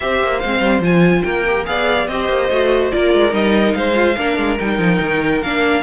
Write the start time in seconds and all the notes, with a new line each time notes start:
0.00 C4 G4 C5 E5
0.22 A#3
0.39 G#3 C4 F5
0.60 G3
0.80 F3 F4 G#5
1.22 A#3 A#4 G5
1.47 G4
1.65 B3 G#4 D5 F5
2.07 C4 G4 C5 D#5
2.28 A#3
2.50 A3 F#4
2.91 A#3 F4 A#4 D5
3.14 G#3
3.30 G3 D#4 D#5
3.73 G#3 C5 F5
3.94 F4
4.16 A#3 D4 A#4
4.37 G#3
4.59 G3 D#4 G5
4.78 F3
5.00 D#3
5.42 A#3 D4 F5